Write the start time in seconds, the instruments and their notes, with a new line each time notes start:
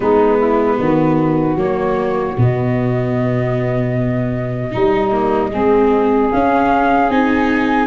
0.00 tuba G#3, viola B3, saxophone D#4, flute B4
0.37 saxophone E4
0.76 tuba D#3, saxophone F#4
1.55 tuba F#3, viola A#3, flute C#5
2.37 tuba B2, viola B3, flute D#5
4.71 tuba G3, saxophone D#4, viola D#4
5.12 viola A#3
5.51 tuba G#3, viola C4, saxophone G#4
6.30 tuba C#4, viola C#4, flute F5
7.09 tuba C4, viola D#4, flute G#5